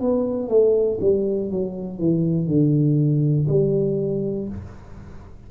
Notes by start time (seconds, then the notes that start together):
0.00 B3
0.48 A3
1.00 G3
1.50 F#3
1.98 E3
2.47 D3
3.48 G3